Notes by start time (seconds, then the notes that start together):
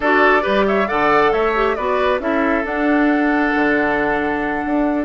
0.00 D4 F#4 A4 D5
0.41 G3 G4 B4
0.67 C#5 E5
0.87 D3 A4 D5 F#5
1.32 A3 C#5 E5
1.54 G4
1.75 B3 F#4 B4 D5
2.19 C#4 E4 A4 E5
2.64 D4 F#5
3.55 D3
4.65 D4